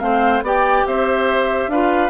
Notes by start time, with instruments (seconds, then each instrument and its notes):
0.00 bassoon A3, clarinet C4, oboe C5, flute F5
0.42 bassoon B3, clarinet G4, oboe D5, flute G5
0.87 bassoon C4, oboe C5, flute E5
1.67 bassoon D4, clarinet F4, oboe B4, flute F5